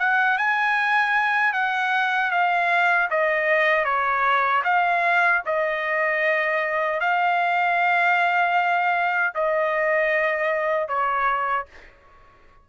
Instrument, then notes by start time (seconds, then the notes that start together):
trumpet
0.00 F#5
0.38 G#5
1.54 F#5
2.31 F5
3.11 D#5
3.85 C#5
4.65 F5
5.46 D#5
7.01 F5
9.35 D#5
10.88 C#5